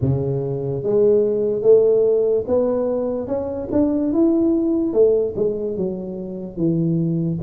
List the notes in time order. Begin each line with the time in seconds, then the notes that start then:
0.01 C#3
0.83 G#3
1.62 A3
2.47 B3
3.27 C#4
3.71 D4
4.12 E4
4.93 A3
5.36 G#3
5.76 F#3
6.56 E3